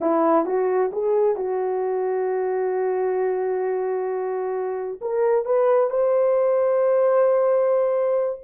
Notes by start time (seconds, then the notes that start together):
0.00 E4
0.45 F#4
0.92 G#4
1.36 F#4
5.01 A#4
5.45 B4
5.90 C5